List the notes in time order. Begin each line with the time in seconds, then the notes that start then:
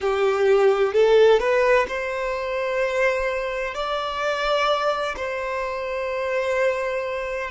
0.00 G4
0.93 A4
1.39 B4
1.87 C5
3.74 D5
5.16 C5